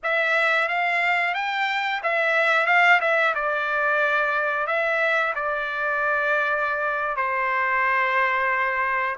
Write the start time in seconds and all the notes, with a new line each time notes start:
0.03 E5
0.68 F5
1.34 G5
2.03 E5
2.66 F5
3.00 E5
3.35 D5
4.67 E5
5.35 D5
7.16 C5